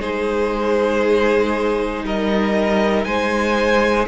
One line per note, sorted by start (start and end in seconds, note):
0.00 2.03 G#3
0.00 4.07 D#4
0.00 2.04 G#4
0.00 2.04 C5
2.03 3.05 G3
2.03 3.06 A#4
2.03 3.04 D#5
3.04 4.07 G#3
3.04 4.07 C5
3.04 4.06 G#5